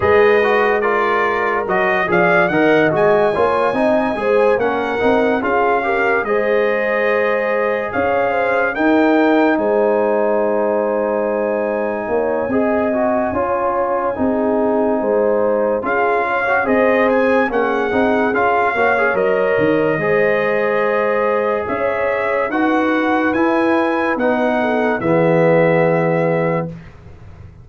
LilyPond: <<
  \new Staff \with { instrumentName = "trumpet" } { \time 4/4 \tempo 4 = 72 dis''4 d''4 dis''8 f''8 fis''8 gis''8~ | gis''4. fis''4 f''4 dis''8~ | dis''4. f''4 g''4 gis''8~ | gis''1~ |
gis''2. f''4 | dis''8 gis''8 fis''4 f''4 dis''4~ | dis''2 e''4 fis''4 | gis''4 fis''4 e''2 | }
  \new Staff \with { instrumentName = "horn" } { \time 4/4 b'4 ais'4. d''8 dis''4 | cis''8 dis''8 c''8 ais'4 gis'8 ais'8 c''8~ | c''4. cis''8 c''8 ais'4 c''8~ | c''2~ c''8 cis''8 dis''4 |
cis''4 gis'4 c''4 gis'8 cis''8 | c''4 gis'4. cis''4. | c''2 cis''4 b'4~ | b'4. a'8 gis'2 | }
  \new Staff \with { instrumentName = "trombone" } { \time 4/4 gis'8 fis'8 f'4 fis'8 gis'8 ais'8 fis'8 | f'8 dis'8 gis'8 cis'8 dis'8 f'8 g'8 gis'8~ | gis'2~ gis'8 dis'4.~ | dis'2. gis'8 fis'8 |
f'4 dis'2 f'8. fis'16 | gis'4 cis'8 dis'8 f'8 fis'16 gis'16 ais'4 | gis'2. fis'4 | e'4 dis'4 b2 | }
  \new Staff \with { instrumentName = "tuba" } { \time 4/4 gis2 fis8 f8 dis8 gis8 | ais8 c'8 gis8 ais8 c'8 cis'4 gis8~ | gis4. cis'4 dis'4 gis8~ | gis2~ gis8 ais8 c'4 |
cis'4 c'4 gis4 cis'4 | c'4 ais8 c'8 cis'8 ais8 fis8 dis8 | gis2 cis'4 dis'4 | e'4 b4 e2 | }
>>